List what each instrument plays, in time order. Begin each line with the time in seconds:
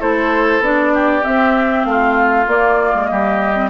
0.00 bassoon A3, clarinet E4, oboe A4, flute C5
0.60 bassoon B3, clarinet D4, flute D5
0.94 oboe G4
1.23 clarinet C4, bassoon C4, flute E5
1.84 bassoon A3, oboe F4, flute F5
2.48 bassoon A#3, clarinet A#3, flute D5
2.95 bassoon G#3
3.07 bassoon G3, oboe G4, flute D#5
3.55 clarinet C4